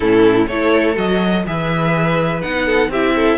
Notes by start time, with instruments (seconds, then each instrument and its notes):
0.00 cello A2, viola C#4, violin E4 A4
0.47 cello A3, viola E4, violin A4 C#5
0.95 cello F#3, viola F#4, violin D#5
1.46 cello E3, viola G#4, violin B4 E5
2.41 cello B3, viola D#4, violin F#5
2.65 violin A4
2.88 cello C4, violin G4 E5
2.94 viola E4
3.15 violin A4